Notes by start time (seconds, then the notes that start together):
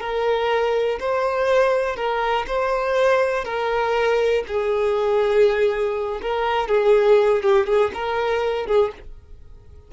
0.00 A#4
1.00 C5
1.96 A#4
2.47 C5
3.45 A#4
4.47 G#4
6.22 A#4
6.68 G#4
7.43 G4
7.67 G#4
7.94 A#4
8.66 G#4